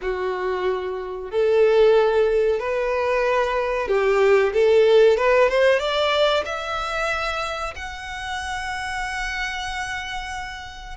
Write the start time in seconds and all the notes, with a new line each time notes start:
0.01 F#4
1.30 A4
2.59 B4
3.88 G4
4.53 A4
5.17 B4
5.48 C5
5.79 D5
6.45 E5
7.75 F#5